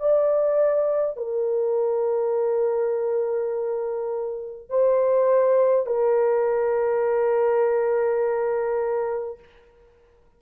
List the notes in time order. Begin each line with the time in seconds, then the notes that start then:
0.00 D5
1.17 A#4
4.70 C5
5.86 A#4